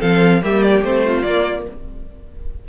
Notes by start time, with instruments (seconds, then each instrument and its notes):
0.00 cello F3, viola C4, violin A4 F5
0.42 cello G3, viola A#3, violin G4 E5
0.62 violin D5
0.82 cello A3, viola C4, violin C5
1.05 violin F4
1.22 cello A#3, viola A#3, violin D5